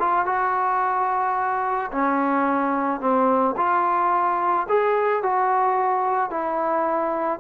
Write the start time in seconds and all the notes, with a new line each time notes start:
0.00 F4
0.26 F#4
1.92 C#4
3.01 C4
3.57 F4
4.69 G#4
5.23 F#4
6.31 E4